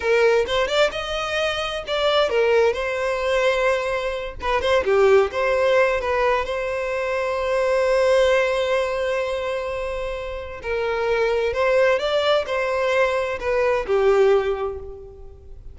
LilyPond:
\new Staff \with { instrumentName = "violin" } { \time 4/4 \tempo 4 = 130 ais'4 c''8 d''8 dis''2 | d''4 ais'4 c''2~ | c''4. b'8 c''8 g'4 c''8~ | c''4 b'4 c''2~ |
c''1~ | c''2. ais'4~ | ais'4 c''4 d''4 c''4~ | c''4 b'4 g'2 | }